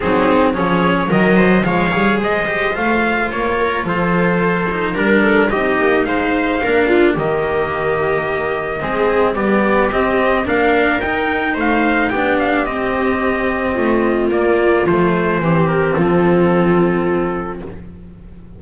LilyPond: <<
  \new Staff \with { instrumentName = "trumpet" } { \time 4/4 \tempo 4 = 109 gis'4 cis''4 dis''4 f''4 | dis''4 f''4 cis''4 c''4~ | c''4 ais'4 dis''4 f''4~ | f''4 dis''2.~ |
dis''4 d''4 dis''4 f''4 | g''4 f''4 g''8 f''8 dis''4~ | dis''2 d''4 c''4~ | c''8 ais'8 a'2. | }
  \new Staff \with { instrumentName = "viola" } { \time 4/4 dis'4 gis'4 ais'8 c''8 cis''4 | c''2~ c''8 ais'8 a'4~ | a'4 ais'8 a'8 g'4 c''4 | ais'8 f'8 g'2. |
gis'4 g'2 ais'4~ | ais'4 c''4 g'2~ | g'4 f'2. | g'4 f'2. | }
  \new Staff \with { instrumentName = "cello" } { \time 4/4 c'4 cis'4 fis4 gis8 gis'8~ | gis'8 g'8 f'2.~ | f'8 dis'8 d'4 dis'2 | d'4 ais2. |
c'4 b4 c'4 d'4 | dis'2 d'4 c'4~ | c'2 ais4 a4 | c'1 | }
  \new Staff \with { instrumentName = "double bass" } { \time 4/4 fis4 f4 dis4 f8 g8 | gis4 a4 ais4 f4~ | f4 g4 c'8 ais8 gis4 | ais4 dis2. |
gis4 g4 c'4 ais4 | dis'4 a4 b4 c'4~ | c'4 a4 ais4 f4 | e4 f2. | }
>>